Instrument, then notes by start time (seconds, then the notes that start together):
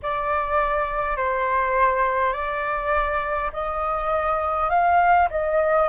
flute
0.02 D5
1.17 C5
2.33 D5
3.52 D#5
4.70 F5
5.30 D#5